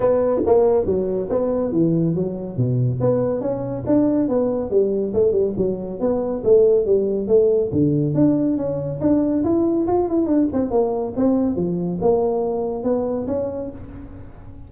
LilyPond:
\new Staff \with { instrumentName = "tuba" } { \time 4/4 \tempo 4 = 140 b4 ais4 fis4 b4 | e4 fis4 b,4 b4 | cis'4 d'4 b4 g4 | a8 g8 fis4 b4 a4 |
g4 a4 d4 d'4 | cis'4 d'4 e'4 f'8 e'8 | d'8 c'8 ais4 c'4 f4 | ais2 b4 cis'4 | }